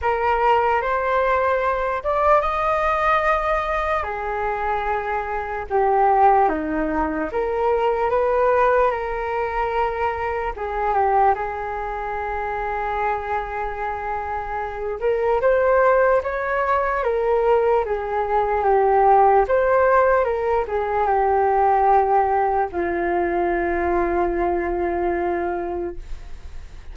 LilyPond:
\new Staff \with { instrumentName = "flute" } { \time 4/4 \tempo 4 = 74 ais'4 c''4. d''8 dis''4~ | dis''4 gis'2 g'4 | dis'4 ais'4 b'4 ais'4~ | ais'4 gis'8 g'8 gis'2~ |
gis'2~ gis'8 ais'8 c''4 | cis''4 ais'4 gis'4 g'4 | c''4 ais'8 gis'8 g'2 | f'1 | }